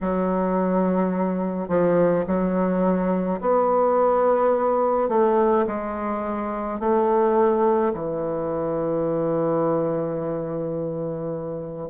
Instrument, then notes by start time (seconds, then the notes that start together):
bassoon
0.00 F#3
1.68 F3
2.27 F#3
3.41 B3
5.08 A3
5.67 G#3
6.79 A3
7.93 E3